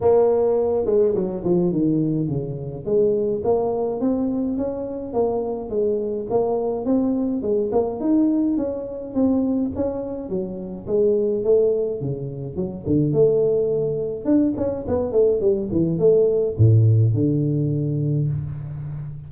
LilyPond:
\new Staff \with { instrumentName = "tuba" } { \time 4/4 \tempo 4 = 105 ais4. gis8 fis8 f8 dis4 | cis4 gis4 ais4 c'4 | cis'4 ais4 gis4 ais4 | c'4 gis8 ais8 dis'4 cis'4 |
c'4 cis'4 fis4 gis4 | a4 cis4 fis8 d8 a4~ | a4 d'8 cis'8 b8 a8 g8 e8 | a4 a,4 d2 | }